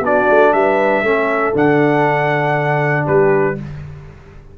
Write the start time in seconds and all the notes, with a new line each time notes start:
0.00 B3 D4 F#4 D5
0.29 A3
0.53 G3 B4 E5
1.03 A3 C#4 A4
1.54 D3 D4 F#5
3.05 G3 G4 B4